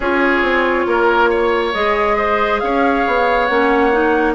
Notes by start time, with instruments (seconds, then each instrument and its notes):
0.00 bassoon C#4, clarinet F4, oboe G#4, flute C#5
0.41 bassoon C4
0.86 bassoon A#3, oboe A#4
1.30 oboe C#5
1.73 bassoon G#3, clarinet G#4, flute D#5
2.17 oboe C5
2.60 bassoon C#4, oboe C#5, flute F5
3.06 bassoon B3
3.45 bassoon A#3, clarinet C#4, flute F#5
3.92 clarinet D#4